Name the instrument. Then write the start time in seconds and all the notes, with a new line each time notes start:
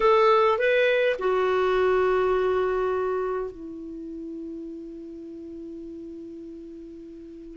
clarinet
0.00 A4
0.58 B4
1.18 F#4
3.51 E4